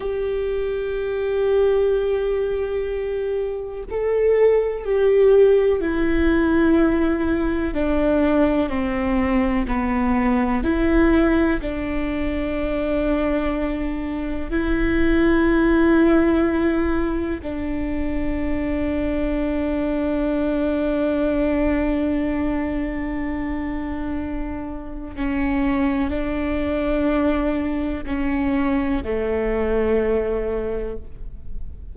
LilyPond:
\new Staff \with { instrumentName = "viola" } { \time 4/4 \tempo 4 = 62 g'1 | a'4 g'4 e'2 | d'4 c'4 b4 e'4 | d'2. e'4~ |
e'2 d'2~ | d'1~ | d'2 cis'4 d'4~ | d'4 cis'4 a2 | }